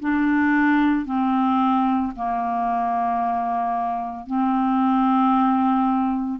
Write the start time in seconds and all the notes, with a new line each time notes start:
0.00 D4
1.06 C4
2.16 A#3
4.27 C4